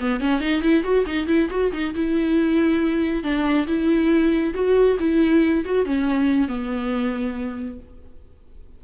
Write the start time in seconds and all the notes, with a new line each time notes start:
0.00 B3
0.20 C#4
0.40 D#4
0.62 E4
0.83 F#4
1.06 D#4
1.27 E4
1.50 F#4
1.72 D#4
1.94 E4
3.23 D4
3.67 E4
4.54 F#4
4.99 E4
5.65 F#4
5.85 C#4
6.48 B3